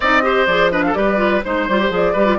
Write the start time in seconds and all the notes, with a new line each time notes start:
0.00 C4 D#4 D5 D#5
0.22 G4 C5
0.46 F3 G#4 D5
0.71 D4 B4 D#5
0.82 A4 F5
0.94 G3 G4 B4 D5
1.16 F4
1.43 G#3 D#4 C5
1.68 G3 F4
1.79 G4
1.90 F3 G#4 D5
2.12 G3 G4 B4
2.26 F4